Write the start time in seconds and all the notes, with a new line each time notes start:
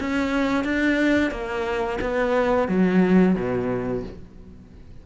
0.00 C#4
0.64 D4
1.31 A#3
2.01 B3
2.68 F#3
3.35 B2